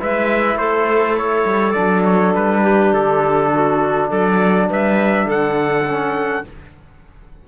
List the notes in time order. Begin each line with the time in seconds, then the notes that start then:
0.00 G#3 E4 B4 E5
0.56 A3 A4 C5
1.17 C#5
1.45 G3
1.72 D4 D5
1.79 F#3
2.05 C#5
2.35 G3 B4
2.62 G4
2.93 D3 A4
3.54 F#4
4.09 F#3 A4 D5
4.69 G3 B4 E5
5.26 D3 A4 F#5
5.86 C#4